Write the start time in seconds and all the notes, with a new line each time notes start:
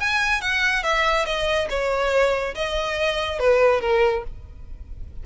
0.00 G#5
0.41 F#5
0.83 E5
1.25 D#5
1.69 C#5
2.55 D#5
3.39 B4
3.81 A#4